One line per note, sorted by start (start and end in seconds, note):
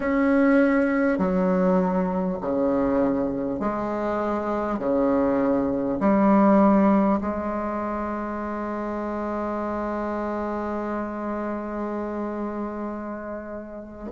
0.00 1.18 C#4
1.18 2.38 F#3
2.41 3.59 C#3
3.59 4.78 G#3
4.78 5.98 C#3
6.00 7.20 G3
7.21 14.11 G#3